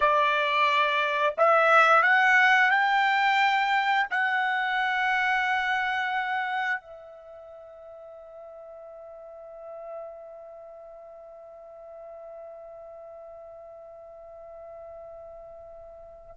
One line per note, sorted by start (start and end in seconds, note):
0.00 1.34 D5
1.37 2.02 E5
2.02 2.71 F#5
2.71 4.07 G5
4.10 6.80 F#5
6.80 16.35 E5